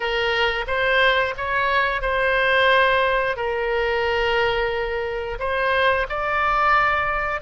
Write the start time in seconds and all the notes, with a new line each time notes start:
0.00 A#4
0.67 C5
1.37 C#5
2.01 C5
3.36 A#4
5.39 C5
6.09 D5